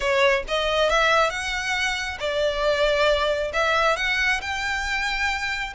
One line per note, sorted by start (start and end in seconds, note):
0.00 0.43 C#5
0.47 0.89 D#5
0.89 1.30 E5
1.30 2.18 F#5
2.19 3.52 D5
3.53 3.96 E5
3.96 4.40 F#5
4.41 5.73 G5